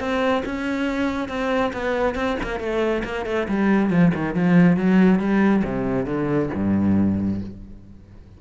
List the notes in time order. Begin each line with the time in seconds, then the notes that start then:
0.00 C4
0.46 C#4
1.29 C4
1.73 B3
2.16 C4
2.43 A#3
2.60 A3
3.05 A#3
3.26 A3
3.48 G3
3.91 F3
4.15 D#3
4.35 F3
4.77 F#3
5.20 G3
5.65 C3
6.06 D3
6.54 G2